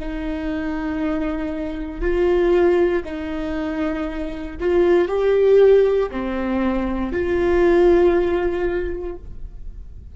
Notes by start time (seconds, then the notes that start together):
0.00 D#4
2.02 F4
3.04 D#4
4.60 F4
5.08 G4
6.11 C4
7.13 F4